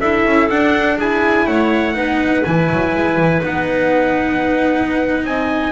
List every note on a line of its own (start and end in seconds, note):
0.00 0.25 D4
0.00 0.50 E4
0.00 0.97 A4
0.00 0.49 E5
0.25 0.50 C#4
0.50 0.99 D4
0.50 1.47 D4
0.50 0.99 F#5
0.97 1.94 E4
0.97 1.45 G#4
0.97 1.47 G#5
1.47 1.95 A3
1.47 1.95 C#5
1.47 2.44 F#5
1.94 2.44 B3
1.94 2.43 D#4
1.94 5.26 B4
2.45 2.71 E3
2.45 3.41 E4
2.45 3.42 G#5
2.71 2.95 F#3
2.95 3.16 G#3
3.16 3.41 E3
3.41 5.25 B3
3.41 5.72 D#4
3.41 5.25 F#5
5.25 5.72 C4
5.25 5.72 D#5
5.25 5.72 G#5